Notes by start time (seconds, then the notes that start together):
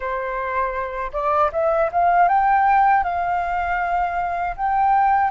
0.00 C5
1.12 D5
1.52 E5
1.92 F5
2.28 G5
3.03 F5
4.56 G5